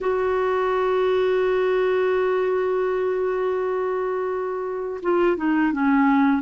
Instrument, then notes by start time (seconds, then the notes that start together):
clarinet
0.00 F#4
5.02 F4
5.36 D#4
5.72 C#4